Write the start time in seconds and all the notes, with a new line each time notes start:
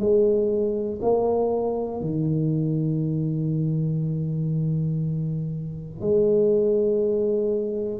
0.00 G#3
1.02 A#3
2.01 D#3
6.01 G#3